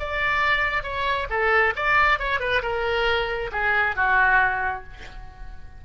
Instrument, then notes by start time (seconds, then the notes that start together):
oboe
0.00 D5
0.84 C#5
1.30 A4
1.76 D5
2.20 C#5
2.40 B4
2.63 A#4
3.52 G#4
3.96 F#4